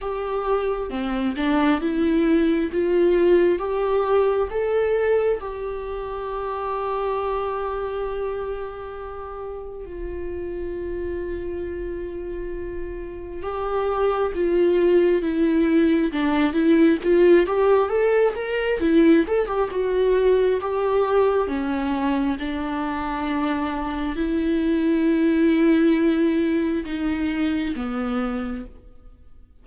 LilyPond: \new Staff \with { instrumentName = "viola" } { \time 4/4 \tempo 4 = 67 g'4 c'8 d'8 e'4 f'4 | g'4 a'4 g'2~ | g'2. f'4~ | f'2. g'4 |
f'4 e'4 d'8 e'8 f'8 g'8 | a'8 ais'8 e'8 a'16 g'16 fis'4 g'4 | cis'4 d'2 e'4~ | e'2 dis'4 b4 | }